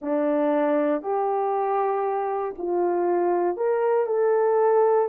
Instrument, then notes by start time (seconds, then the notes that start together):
horn
0.01 D4
1.02 G4
2.57 F4
3.56 A#4
4.06 A4